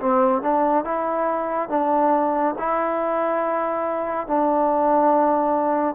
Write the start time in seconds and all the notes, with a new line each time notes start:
0.00 C4
0.42 D4
0.85 E4
1.69 D4
2.59 E4
4.27 D4